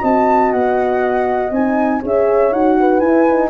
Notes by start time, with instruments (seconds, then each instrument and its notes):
0.00 tuba C4, horn F#4 D#5, flute A5
0.52 tuba B3, flute F#5
1.51 tuba C4, horn D#4, flute G#5
2.02 tuba C#4, horn G#4 C#5, flute E5
2.52 tuba D#4, horn F#4, flute F#5
2.80 horn B4
3.00 tuba E4, horn E4, flute G#5
3.29 horn D#4